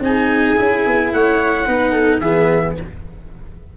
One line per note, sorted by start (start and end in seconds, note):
0.00 0.55 C4
0.00 0.56 D#4
0.00 1.13 G#4
0.00 1.12 G#5
0.56 0.86 C#4
0.56 1.65 E4
0.86 1.13 B3
1.12 1.67 A3
1.12 1.66 C#5
1.12 2.20 F#5
1.66 2.20 B3
1.66 2.21 D#4
1.66 1.92 B4
1.92 2.19 A4
2.20 2.75 E3
2.20 2.77 B3
2.20 2.75 G#4
2.20 2.75 E5